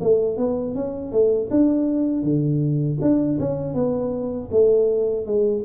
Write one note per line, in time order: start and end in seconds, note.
0.00 0.37 A3
0.37 0.74 B3
0.75 1.11 C#4
1.11 1.49 A3
1.50 2.23 D4
2.23 2.98 D3
3.01 3.38 D4
3.40 3.74 C#4
3.74 4.49 B3
4.51 5.26 A3
5.26 5.63 G#3